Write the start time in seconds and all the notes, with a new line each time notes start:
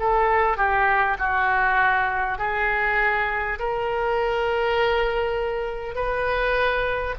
0.00 A4
0.58 G4
1.19 F#4
2.39 G#4
3.59 A#4
5.96 B4